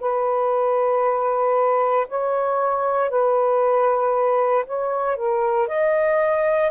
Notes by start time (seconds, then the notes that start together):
0.00 B4
2.08 C#5
3.10 B4
4.66 C#5
5.16 A#4
5.68 D#5